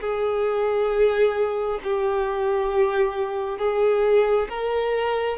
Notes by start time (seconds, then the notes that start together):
0.00 G#4
1.83 G4
3.58 G#4
4.49 A#4